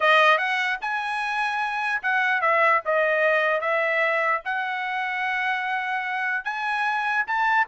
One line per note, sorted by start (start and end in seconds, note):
0.00 0.38 D#5
0.38 0.78 F#5
0.81 2.02 G#5
2.02 2.41 F#5
2.41 2.81 E5
2.85 3.61 D#5
3.61 4.41 E5
4.44 6.44 F#5
6.44 7.24 G#5
7.26 7.67 A5